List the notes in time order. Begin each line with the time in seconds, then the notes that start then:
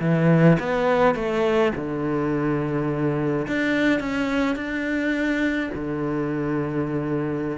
0.00 E3
0.59 B3
1.15 A3
1.75 D3
3.47 D4
3.99 C#4
4.56 D4
5.74 D3